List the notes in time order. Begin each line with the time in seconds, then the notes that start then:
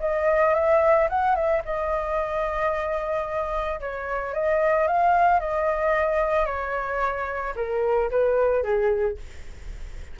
0.00 D#5
0.54 E5
1.09 F#5
1.35 E5
1.65 D#5
3.80 C#5
4.34 D#5
4.87 F5
5.40 D#5
6.46 C#5
7.56 A#4
8.11 B4
8.63 G#4